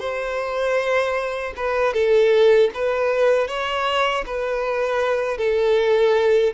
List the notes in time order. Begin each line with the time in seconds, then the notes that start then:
0.00 C5
1.57 B4
1.94 A4
2.74 B4
3.48 C#5
4.26 B4
5.38 A4